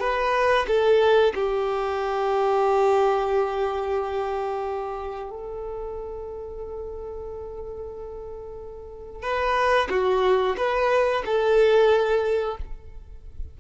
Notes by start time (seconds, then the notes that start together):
0.00 B4
0.67 A4
1.35 G4
5.30 A4
9.22 B4
9.90 F#4
10.57 B4
11.25 A4